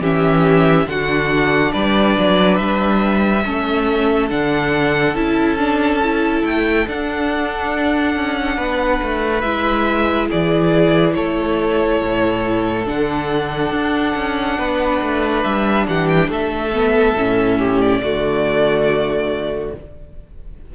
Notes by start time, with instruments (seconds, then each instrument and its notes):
0.00 cello E3, viola C#4, violin G4 E5
0.86 cello D3, viola D4, violin F#4 F#5
1.72 cello G3, violin B4 D5
2.18 cello F#3
2.56 cello G3, violin E5
3.45 cello A3, viola C#4, violin A4
4.29 cello D3, viola D4, violin F#5
5.14 cello C#4, viola E4, violin A5
5.57 viola D4
6.03 viola E4
6.43 cello A3, violin G5
6.87 cello D4, viola D4, violin F#5
8.15 cello C#4
8.56 cello B3, violin B4
9.02 cello A3
9.40 cello G#3, viola E4, violin E5
10.28 cello E3, violin G#4 D5
11.14 cello A3, violin A4 C#5
12.02 cello A2
12.85 cello D3, viola D4, violin F#5
13.71 cello D4
14.15 cello C#4
14.58 cello B3, violin B4
15.01 cello A3
15.43 cello G3, violin E5
15.87 cello E3, violin G4 F#5
16.07 violin G5
16.28 cello A3, violin A4 E5
16.73 viola B3
17.15 cello A2, viola C#4
17.58 violin G4
17.80 violin D5
17.99 cello D3, viola A3, violin F#4